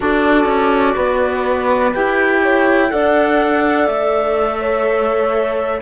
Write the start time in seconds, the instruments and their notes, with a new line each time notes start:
0.00 cello D4, clarinet F#4, horn A4, flute D5
0.45 cello C#4
0.95 cello B3, horn B4
1.94 cello E4, clarinet G4, flute G5
2.42 horn C#5
2.88 cello D4, clarinet A4, horn D5, flute F#5
3.86 cello A3, flute E5
4.59 horn C#5